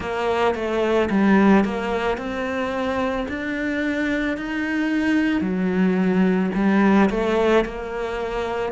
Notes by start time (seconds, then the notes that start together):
0.00 A#3
0.55 A3
1.10 G3
1.64 A#3
2.17 C4
3.28 D4
4.37 D#4
5.41 F#3
6.55 G3
7.10 A3
7.64 A#3